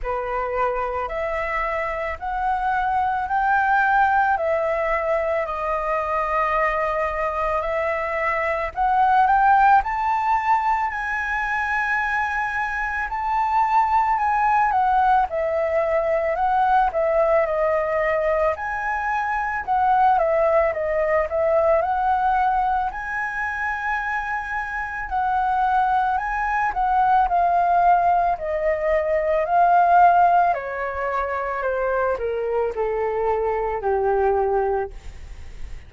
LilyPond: \new Staff \with { instrumentName = "flute" } { \time 4/4 \tempo 4 = 55 b'4 e''4 fis''4 g''4 | e''4 dis''2 e''4 | fis''8 g''8 a''4 gis''2 | a''4 gis''8 fis''8 e''4 fis''8 e''8 |
dis''4 gis''4 fis''8 e''8 dis''8 e''8 | fis''4 gis''2 fis''4 | gis''8 fis''8 f''4 dis''4 f''4 | cis''4 c''8 ais'8 a'4 g'4 | }